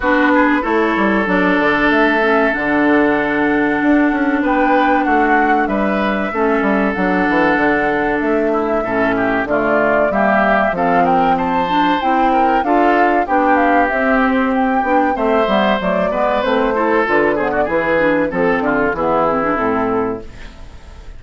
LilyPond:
<<
  \new Staff \with { instrumentName = "flute" } { \time 4/4 \tempo 4 = 95 b'4 cis''4 d''4 e''4 | fis''2. g''4 | fis''4 e''2 fis''4~ | fis''4 e''2 d''4 |
e''4 f''8 g''8 a''4 g''4 | f''4 g''8 f''8 e''8 c''8 g''4 | e''4 d''4 c''4 b'8 c''16 d''16 | b'4 a'4 gis'4 a'4 | }
  \new Staff \with { instrumentName = "oboe" } { \time 4/4 fis'8 gis'8 a'2.~ | a'2. b'4 | fis'4 b'4 a'2~ | a'4. e'8 a'8 g'8 f'4 |
g'4 a'8 ais'8 c''4. ais'8 | a'4 g'2. | c''4. b'4 a'4 gis'16 fis'16 | gis'4 a'8 f'8 e'2 | }
  \new Staff \with { instrumentName = "clarinet" } { \time 4/4 d'4 e'4 d'4. cis'8 | d'1~ | d'2 cis'4 d'4~ | d'2 cis'4 a4 |
ais4 c'4. d'8 e'4 | f'4 d'4 c'4. d'8 | c'8 b8 a8 b8 c'8 e'8 f'8 b8 | e'8 d'8 c'4 b8 c'16 d'16 c'4 | }
  \new Staff \with { instrumentName = "bassoon" } { \time 4/4 b4 a8 g8 fis8 d8 a4 | d2 d'8 cis'8 b4 | a4 g4 a8 g8 fis8 e8 | d4 a4 a,4 d4 |
g4 f2 c'4 | d'4 b4 c'4. b8 | a8 g8 fis8 gis8 a4 d4 | e4 f8 d8 e4 a,4 | }
>>